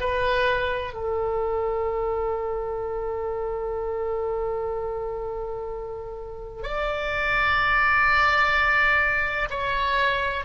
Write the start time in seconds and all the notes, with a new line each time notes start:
0.00 B4
0.93 A4
6.63 D5
9.50 C#5